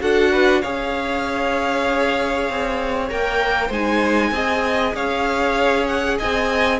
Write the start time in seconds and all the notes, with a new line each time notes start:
0.00 D4 F#4 A4 F#5
0.31 B4
0.61 C#4 G#4 C#5 F5
2.49 C4
3.09 A#3 A#4 G5
3.66 G#3 D#4 C5 G#5
4.31 C4 G#4 D#5
4.94 C#4 C#5 F5
5.86 F#5
6.17 C4 D#5 G#5